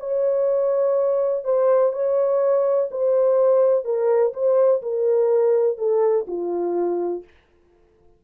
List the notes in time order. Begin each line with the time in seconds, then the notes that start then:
0.00 C#5
1.45 C5
1.93 C#5
2.91 C5
3.85 A#4
4.34 C5
4.83 A#4
5.78 A4
6.28 F4